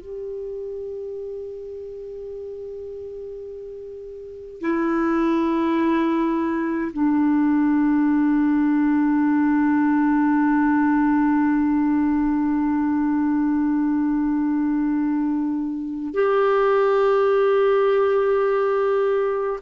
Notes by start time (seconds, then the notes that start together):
0.00 G4
4.60 E4
6.92 D4
16.13 G4